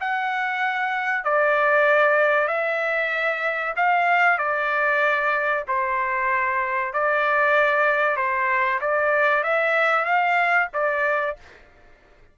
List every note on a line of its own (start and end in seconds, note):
0.00 1.24 F#5
1.24 2.48 D5
2.48 3.74 E5
3.76 4.38 F5
4.38 5.64 D5
5.68 6.93 C5
6.93 8.16 D5
8.16 8.80 C5
8.81 9.43 D5
9.43 10.05 E5
10.05 10.68 F5
10.73 11.37 D5